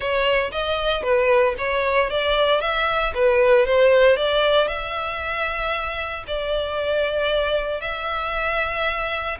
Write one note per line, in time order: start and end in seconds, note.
0.00 0.51 C#5
0.51 1.02 D#5
1.02 1.55 B4
1.58 2.10 C#5
2.10 2.60 D5
2.60 3.13 E5
3.14 3.65 B4
3.65 4.16 C5
4.16 4.67 D5
4.67 6.23 E5
6.27 7.80 D5
7.80 9.37 E5